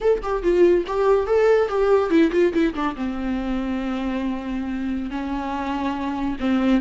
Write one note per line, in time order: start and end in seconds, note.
0.00 0.21 A4
0.22 0.43 G4
0.43 0.84 F4
0.87 1.26 G4
1.26 1.68 A4
1.68 2.09 G4
2.09 2.30 E4
2.31 2.52 F4
2.53 2.74 E4
2.74 2.95 D4
2.96 5.10 C4
5.10 6.36 C#4
6.40 6.81 C4